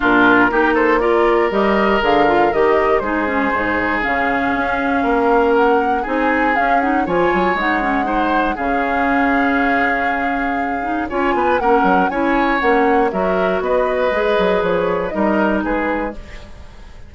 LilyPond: <<
  \new Staff \with { instrumentName = "flute" } { \time 4/4 \tempo 4 = 119 ais'4. c''8 d''4 dis''4 | f''4 dis''4 c''2 | f''2. fis''4 | gis''4 f''8 fis''8 gis''4 fis''4~ |
fis''4 f''2.~ | f''2 gis''4 fis''4 | gis''4 fis''4 e''4 dis''4~ | dis''4 cis''4 dis''4 b'4 | }
  \new Staff \with { instrumentName = "oboe" } { \time 4/4 f'4 g'8 a'8 ais'2~ | ais'2 gis'2~ | gis'2 ais'2 | gis'2 cis''2 |
c''4 gis'2.~ | gis'2 cis''8 b'8 ais'4 | cis''2 ais'4 b'4~ | b'2 ais'4 gis'4 | }
  \new Staff \with { instrumentName = "clarinet" } { \time 4/4 d'4 dis'4 f'4 g'4 | gis'8 f'8 g'4 dis'8 cis'8 dis'4 | cis'1 | dis'4 cis'8 dis'8 f'4 dis'8 cis'8 |
dis'4 cis'2.~ | cis'4. dis'8 f'4 cis'4 | e'4 cis'4 fis'2 | gis'2 dis'2 | }
  \new Staff \with { instrumentName = "bassoon" } { \time 4/4 ais,4 ais2 g4 | d4 dis4 gis4 gis,4 | cis4 cis'4 ais2 | c'4 cis'4 f8 fis8 gis4~ |
gis4 cis2.~ | cis2 cis'8 b8 ais8 fis8 | cis'4 ais4 fis4 b4 | gis8 fis8 f4 g4 gis4 | }
>>